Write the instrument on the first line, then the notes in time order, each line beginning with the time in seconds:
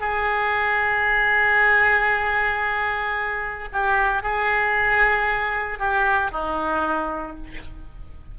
oboe
0.00 G#4
3.73 G4
4.22 G#4
5.79 G4
6.31 D#4